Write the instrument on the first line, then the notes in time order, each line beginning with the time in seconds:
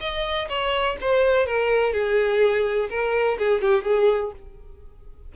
violin
0.00 D#5
0.49 C#5
1.01 C5
1.46 A#4
1.93 G#4
2.90 A#4
3.38 G#4
3.61 G4
3.84 G#4